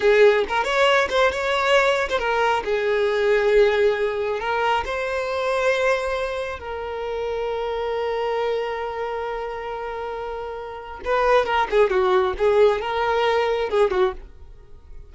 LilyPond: \new Staff \with { instrumentName = "violin" } { \time 4/4 \tempo 4 = 136 gis'4 ais'8 cis''4 c''8 cis''4~ | cis''8. c''16 ais'4 gis'2~ | gis'2 ais'4 c''4~ | c''2. ais'4~ |
ais'1~ | ais'1~ | ais'4 b'4 ais'8 gis'8 fis'4 | gis'4 ais'2 gis'8 fis'8 | }